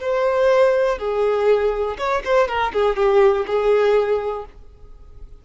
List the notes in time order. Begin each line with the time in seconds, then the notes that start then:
0.00 C5
0.98 G#4
1.98 C#5
2.25 C5
2.48 A#4
2.73 G#4
2.96 G4
3.47 G#4